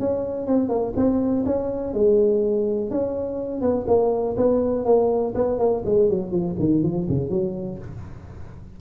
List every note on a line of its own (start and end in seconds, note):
0.00 0.47 C#4
0.47 0.69 C4
0.69 0.93 A#3
0.96 1.45 C4
1.46 1.94 C#4
1.94 2.90 G#3
2.90 3.61 C#4
3.61 3.86 B3
3.88 4.36 A#3
4.37 4.85 B3
4.85 5.34 A#3
5.35 5.59 B3
5.59 5.83 A#3
5.85 6.10 G#3
6.10 6.31 F#3
6.31 6.56 F3
6.59 6.83 D#3
6.83 7.07 F3
7.09 7.30 C#3
7.30 7.79 F#3